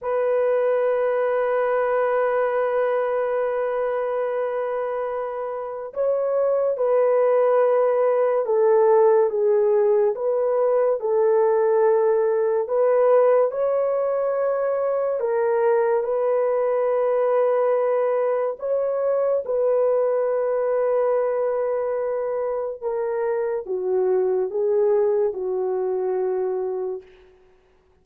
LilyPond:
\new Staff \with { instrumentName = "horn" } { \time 4/4 \tempo 4 = 71 b'1~ | b'2. cis''4 | b'2 a'4 gis'4 | b'4 a'2 b'4 |
cis''2 ais'4 b'4~ | b'2 cis''4 b'4~ | b'2. ais'4 | fis'4 gis'4 fis'2 | }